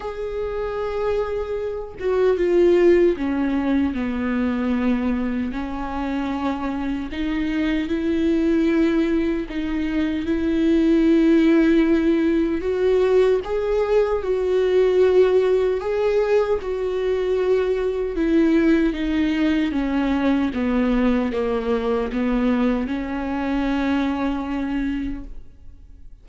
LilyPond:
\new Staff \with { instrumentName = "viola" } { \time 4/4 \tempo 4 = 76 gis'2~ gis'8 fis'8 f'4 | cis'4 b2 cis'4~ | cis'4 dis'4 e'2 | dis'4 e'2. |
fis'4 gis'4 fis'2 | gis'4 fis'2 e'4 | dis'4 cis'4 b4 ais4 | b4 cis'2. | }